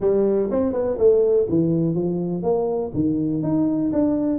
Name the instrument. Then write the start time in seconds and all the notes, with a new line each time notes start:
tuba
0.00 G3
0.50 C4
0.72 B3
0.98 A3
1.49 E3
1.94 F3
2.42 A#3
2.94 D#3
3.43 D#4
3.92 D4